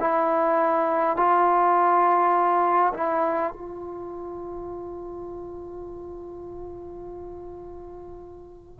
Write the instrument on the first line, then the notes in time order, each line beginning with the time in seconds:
trombone
0.00 E4
1.17 F4
2.94 E4
3.52 F4